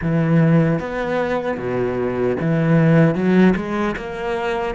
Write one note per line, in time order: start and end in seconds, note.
0.01 0.79 E3
0.79 1.57 B3
1.57 2.36 B2
2.40 3.14 E3
3.14 3.54 F#3
3.56 3.95 G#3
3.96 4.74 A#3